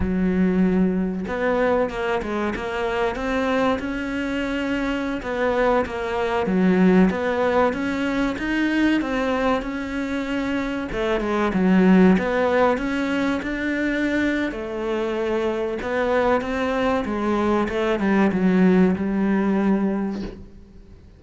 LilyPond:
\new Staff \with { instrumentName = "cello" } { \time 4/4 \tempo 4 = 95 fis2 b4 ais8 gis8 | ais4 c'4 cis'2~ | cis'16 b4 ais4 fis4 b8.~ | b16 cis'4 dis'4 c'4 cis'8.~ |
cis'4~ cis'16 a8 gis8 fis4 b8.~ | b16 cis'4 d'4.~ d'16 a4~ | a4 b4 c'4 gis4 | a8 g8 fis4 g2 | }